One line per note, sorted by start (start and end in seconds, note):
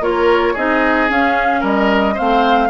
0.00 0.54 A#3
0.00 0.55 F4
0.00 0.53 A#4
0.00 0.56 C#5
0.53 1.09 C4
0.53 1.09 D#4
0.53 1.60 G#4
0.53 1.10 D#5
1.09 2.16 C#4
1.09 1.62 C#4
1.09 1.64 F5
1.60 2.16 G3
1.60 2.14 A#4
1.60 2.18 D#5
2.14 2.69 A3
2.14 2.69 C4
2.14 2.68 C5
2.14 2.69 F5